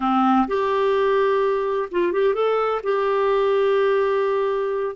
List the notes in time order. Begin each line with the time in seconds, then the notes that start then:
0.00 C4
0.47 G4
1.91 F4
2.12 G4
2.34 A4
2.83 G4